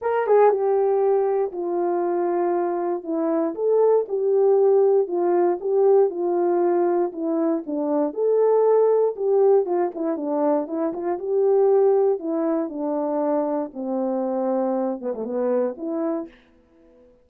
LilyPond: \new Staff \with { instrumentName = "horn" } { \time 4/4 \tempo 4 = 118 ais'8 gis'8 g'2 f'4~ | f'2 e'4 a'4 | g'2 f'4 g'4 | f'2 e'4 d'4 |
a'2 g'4 f'8 e'8 | d'4 e'8 f'8 g'2 | e'4 d'2 c'4~ | c'4. b16 a16 b4 e'4 | }